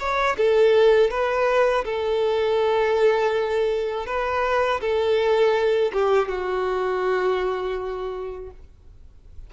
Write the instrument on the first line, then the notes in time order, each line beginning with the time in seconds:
violin
0.00 C#5
0.38 A4
1.11 B4
1.85 A4
4.07 B4
4.81 A4
5.93 G4
6.29 F#4